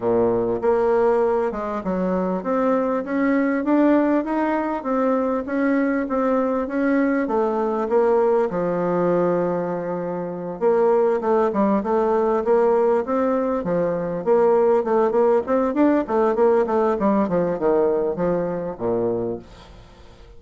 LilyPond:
\new Staff \with { instrumentName = "bassoon" } { \time 4/4 \tempo 4 = 99 ais,4 ais4. gis8 fis4 | c'4 cis'4 d'4 dis'4 | c'4 cis'4 c'4 cis'4 | a4 ais4 f2~ |
f4. ais4 a8 g8 a8~ | a8 ais4 c'4 f4 ais8~ | ais8 a8 ais8 c'8 d'8 a8 ais8 a8 | g8 f8 dis4 f4 ais,4 | }